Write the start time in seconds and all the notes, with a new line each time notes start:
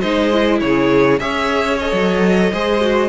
0.00 G#3 D#4 C5 D#5
0.31 E4
0.60 C#3 G#4 C#5
1.19 C#4 G#4 C#5 E5
1.79 A4 D#5
1.92 F#3
2.52 G#3 G#4 C5
2.81 F#4